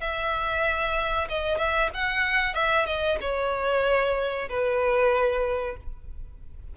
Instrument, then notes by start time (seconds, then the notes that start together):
violin
0.00 E5
1.29 D#5
1.58 E5
1.94 F#5
2.54 E5
2.86 D#5
3.21 C#5
4.49 B4